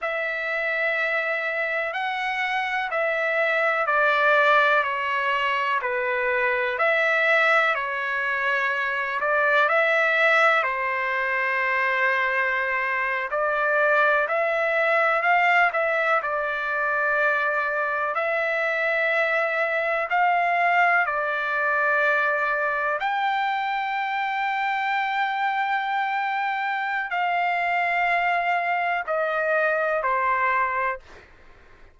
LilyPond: \new Staff \with { instrumentName = "trumpet" } { \time 4/4 \tempo 4 = 62 e''2 fis''4 e''4 | d''4 cis''4 b'4 e''4 | cis''4. d''8 e''4 c''4~ | c''4.~ c''16 d''4 e''4 f''16~ |
f''16 e''8 d''2 e''4~ e''16~ | e''8. f''4 d''2 g''16~ | g''1 | f''2 dis''4 c''4 | }